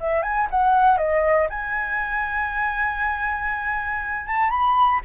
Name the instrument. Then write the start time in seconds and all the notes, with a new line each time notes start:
flute
0.00 E5
0.22 G#5
0.50 F#5
0.97 D#5
1.50 G#5
4.26 A5
4.50 B5